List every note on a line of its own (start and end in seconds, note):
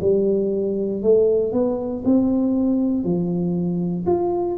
0.00 1.02 G3
1.02 1.52 A3
1.52 2.03 B3
2.04 3.04 C4
3.04 4.05 F3
4.06 4.57 F4